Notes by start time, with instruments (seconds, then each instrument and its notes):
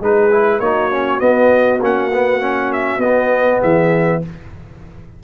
0.00 tuba G#3, trombone D#4, horn G#4, trumpet B4
0.32 trombone E4
0.60 tuba A#3, trombone D#4, horn F#4, trumpet C#5
0.92 trombone C#4
1.20 trombone B3, tuba B3, trumpet D#5
1.81 tuba A#3, trombone C#4, trumpet F#5
2.13 trombone B3
2.41 trombone C#4
2.73 trumpet E5
2.98 tuba B3, trombone B3, trumpet D#5
3.61 tuba E3, horn G#4, trumpet E5